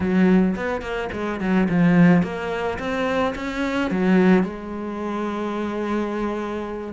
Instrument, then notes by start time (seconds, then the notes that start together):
cello
0.00 F#3
0.56 B3
0.81 A#3
1.12 G#3
1.40 F#3
1.69 F3
2.22 A#3
2.79 C4
3.35 C#4
3.90 F#3
4.43 G#3